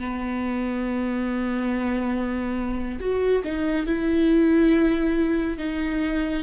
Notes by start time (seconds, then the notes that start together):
0.00 B3
3.01 F#4
3.44 D#4
3.86 E4
5.58 D#4